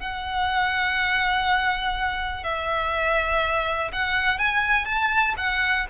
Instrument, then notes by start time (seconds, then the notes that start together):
violin
0.00 F#5
2.44 E5
3.93 F#5
4.39 G#5
4.86 A5
5.37 F#5